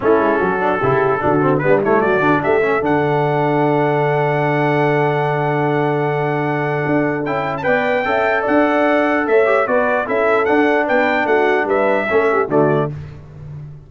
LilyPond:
<<
  \new Staff \with { instrumentName = "trumpet" } { \time 4/4 \tempo 4 = 149 a'1 | b'8 cis''8 d''4 e''4 fis''4~ | fis''1~ | fis''1~ |
fis''2 g''8. a''16 g''4~ | g''4 fis''2 e''4 | d''4 e''4 fis''4 g''4 | fis''4 e''2 d''4 | }
  \new Staff \with { instrumentName = "horn" } { \time 4/4 e'4 fis'4 g'4 fis'4 | d'8 e'8 fis'4 g'8 a'4.~ | a'1~ | a'1~ |
a'2. d''4 | e''4 d''2 cis''4 | b'4 a'2 b'4 | fis'4 b'4 a'8 g'8 fis'4 | }
  \new Staff \with { instrumentName = "trombone" } { \time 4/4 cis'4. d'8 e'4 d'8 c'8 | b8 a4 d'4 cis'8 d'4~ | d'1~ | d'1~ |
d'2 e'4 b'4 | a'2.~ a'8 g'8 | fis'4 e'4 d'2~ | d'2 cis'4 a4 | }
  \new Staff \with { instrumentName = "tuba" } { \time 4/4 a8 gis8 fis4 cis4 d4 | g4 fis8 d8 a4 d4~ | d1~ | d1~ |
d4 d'4 cis'4 b4 | cis'4 d'2 a4 | b4 cis'4 d'4 b4 | a4 g4 a4 d4 | }
>>